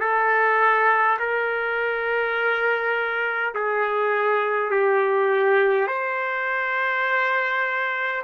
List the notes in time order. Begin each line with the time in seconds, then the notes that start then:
0.00 A4
1.19 A#4
3.55 G#4
4.71 G4
5.87 C5